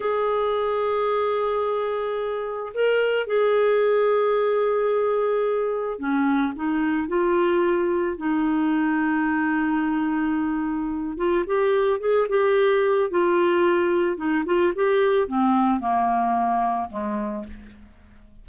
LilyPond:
\new Staff \with { instrumentName = "clarinet" } { \time 4/4 \tempo 4 = 110 gis'1~ | gis'4 ais'4 gis'2~ | gis'2. cis'4 | dis'4 f'2 dis'4~ |
dis'1~ | dis'8 f'8 g'4 gis'8 g'4. | f'2 dis'8 f'8 g'4 | c'4 ais2 gis4 | }